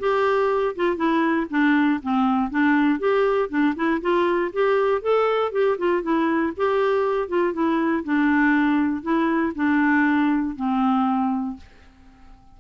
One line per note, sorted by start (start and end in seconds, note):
0.00 0.76 G4
0.76 0.97 F4
0.97 1.47 E4
1.50 2.01 D4
2.03 2.51 C4
2.51 2.99 D4
2.99 3.49 G4
3.49 3.74 D4
3.76 4.01 E4
4.02 4.52 F4
4.53 5.02 G4
5.02 5.52 A4
5.52 5.77 G4
5.78 6.03 F4
6.03 6.53 E4
6.57 7.29 G4
7.29 7.54 F4
7.54 8.04 E4
8.04 9.03 D4
9.03 9.53 E4
9.55 10.56 D4
10.56 11.57 C4